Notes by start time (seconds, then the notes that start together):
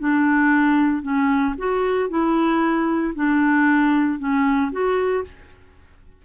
0.00 D4
1.03 C#4
1.58 F#4
2.10 E4
3.15 D4
4.20 C#4
4.72 F#4